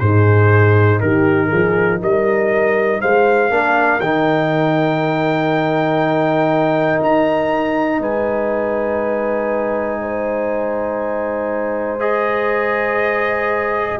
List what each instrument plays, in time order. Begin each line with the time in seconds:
0.00 tuba G#2, trombone D#4, horn G#4, trumpet C5
1.01 tuba D#3, horn G4, trumpet A#4
1.48 tuba F3, horn G#4
2.01 tuba G3, horn A#4, trumpet D#5
3.01 tuba G#3, horn C5, trumpet F5
3.50 tuba A#3, trombone D4, horn A#4
4.00 tuba D#3, trombone D#4, trumpet G5
7.02 tuba D#4, trumpet A#5
8.00 tuba G#3, horn B4, trumpet G#5
10.02 horn C5
12.00 trombone G#4, trumpet D#5